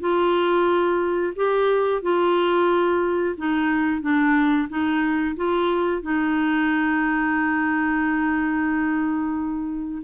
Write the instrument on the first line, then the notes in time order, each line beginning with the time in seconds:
clarinet
0.00 F4
1.36 G4
2.02 F4
3.37 D#4
4.01 D4
4.69 D#4
5.36 F4
6.02 D#4